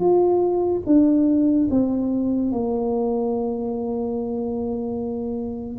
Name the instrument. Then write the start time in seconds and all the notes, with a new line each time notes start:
tuba
0.00 F4
0.86 D4
1.70 C4
2.52 A#3